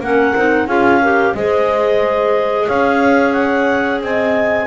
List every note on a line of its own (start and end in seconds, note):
0.00 0.33 A#3
0.00 0.35 C#4
0.00 0.67 A#4
0.00 0.67 F#5
0.35 0.66 C4
0.35 0.67 D#4
0.66 1.33 C#4
0.66 1.01 F4
0.66 1.00 G#4
0.66 1.34 F5
1.02 1.36 G4
1.02 1.35 A#4
1.34 2.67 G#3
1.34 4.67 G#4
1.34 2.66 C5
1.34 2.68 D#5
2.66 4.01 C#4
2.66 4.00 C#5
2.66 3.32 F5
3.32 3.99 F#5
4.01 4.67 C4
4.01 4.67 D#5
4.01 4.67 G#5